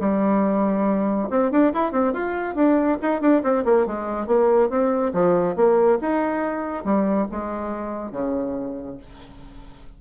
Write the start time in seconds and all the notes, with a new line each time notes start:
0.00 G3
1.30 C4
1.51 D4
1.73 E4
1.92 C4
2.13 F4
2.55 D4
3.02 D#4
3.21 D4
3.43 C4
3.65 A#3
3.86 G#3
4.27 A#3
4.69 C4
5.13 F3
5.56 A#3
6.01 D#4
6.84 G3
7.31 G#3
8.12 C#3